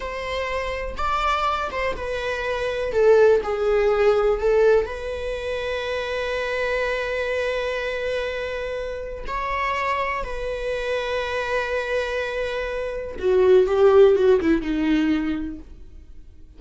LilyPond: \new Staff \with { instrumentName = "viola" } { \time 4/4 \tempo 4 = 123 c''2 d''4. c''8 | b'2 a'4 gis'4~ | gis'4 a'4 b'2~ | b'1~ |
b'2. cis''4~ | cis''4 b'2.~ | b'2. fis'4 | g'4 fis'8 e'8 dis'2 | }